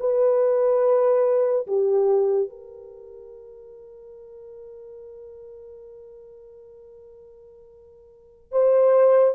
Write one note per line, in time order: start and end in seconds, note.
0.00 1.67 B4
1.67 2.49 G4
2.49 8.52 A#4
8.52 9.35 C5